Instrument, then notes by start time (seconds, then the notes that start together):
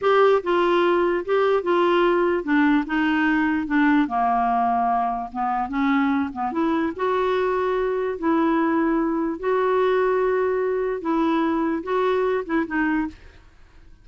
clarinet
0.01 G4
0.43 F4
1.25 G4
1.62 F4
2.43 D4
2.86 D#4
3.66 D4
4.07 A#3
5.32 B3
5.68 C#4
6.32 B3
6.52 E4
6.96 F#4
8.18 E4
9.39 F#4
11.01 E4
11.83 F#4
12.45 E4
12.66 D#4